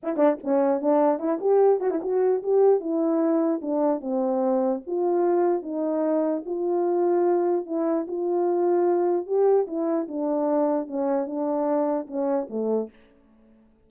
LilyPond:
\new Staff \with { instrumentName = "horn" } { \time 4/4 \tempo 4 = 149 e'8 d'8 cis'4 d'4 e'8 g'8~ | g'8 fis'16 e'16 fis'4 g'4 e'4~ | e'4 d'4 c'2 | f'2 dis'2 |
f'2. e'4 | f'2. g'4 | e'4 d'2 cis'4 | d'2 cis'4 a4 | }